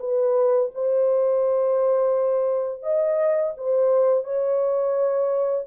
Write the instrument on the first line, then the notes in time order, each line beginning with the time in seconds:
horn
0.00 B4
0.75 C5
2.83 D#5
3.57 C5
4.24 C#5